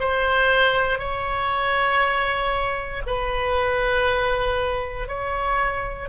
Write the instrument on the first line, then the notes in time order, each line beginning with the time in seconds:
oboe
0.00 C5
0.99 C#5
3.06 B4
5.08 C#5